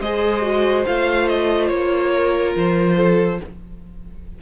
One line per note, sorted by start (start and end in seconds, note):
0.00 0.85 G#3
0.00 0.42 G#4
0.00 2.12 C5
0.00 0.85 D#5
0.42 0.85 F#4
0.86 1.70 A3
0.86 3.40 F4
0.86 1.28 F5
1.28 1.68 D#5
1.68 2.55 A#3
1.68 2.52 C#5
2.12 2.96 A#4
2.56 3.40 F3
2.56 3.41 C5
2.96 3.39 A4